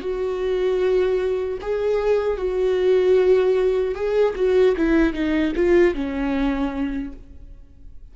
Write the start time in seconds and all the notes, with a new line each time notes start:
0.00 F#4
1.61 G#4
2.37 F#4
3.94 G#4
4.35 F#4
4.76 E4
5.13 D#4
5.55 F4
5.94 C#4